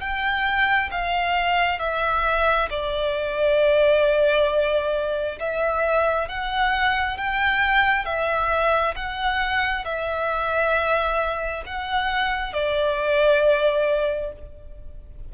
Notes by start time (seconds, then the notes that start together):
0.00 G5
0.91 F5
1.79 E5
2.69 D5
5.39 E5
6.28 F#5
7.17 G5
8.05 E5
8.95 F#5
9.84 E5
11.66 F#5
12.53 D5